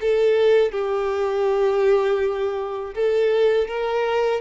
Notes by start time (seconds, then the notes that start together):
0.00 A4
0.72 G4
2.94 A4
3.67 A#4